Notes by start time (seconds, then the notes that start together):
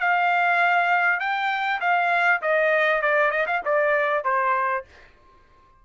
0.00 F5
1.19 G5
1.80 F5
2.41 D#5
3.02 D5
3.31 D#5
3.47 F5
3.65 D5
4.24 C5